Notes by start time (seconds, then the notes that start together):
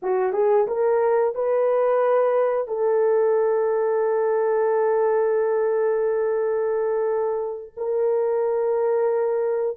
0.02 F#4
0.32 G#4
0.67 A#4
1.34 B4
2.67 A4
7.76 A#4